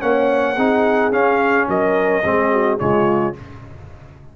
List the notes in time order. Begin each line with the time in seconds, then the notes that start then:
0.00 A#3 C#4 C#5 F#5
0.56 C4 D#4 G#4
1.12 C#4 F5
1.69 F#3 A#4 D#5
2.24 G#3 C4 G#4
2.53 F#4
2.79 C#3 G#3 F4 C#5